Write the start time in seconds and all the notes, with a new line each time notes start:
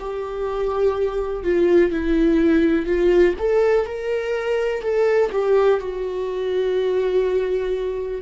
0.00 G4
1.44 F4
1.92 E4
2.87 F4
3.39 A4
3.87 A#4
4.83 A4
5.32 G4
5.81 F#4